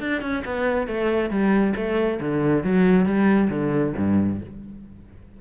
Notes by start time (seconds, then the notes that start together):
0.00 D4
0.21 C#4
0.45 B3
0.87 A3
1.30 G3
1.76 A3
2.20 D3
2.64 F#3
3.05 G3
3.50 D3
3.97 G2